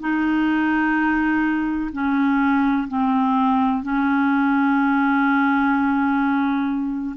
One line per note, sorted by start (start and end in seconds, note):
0.00 1.90 D#4
1.93 2.88 C#4
2.88 3.83 C4
3.83 7.16 C#4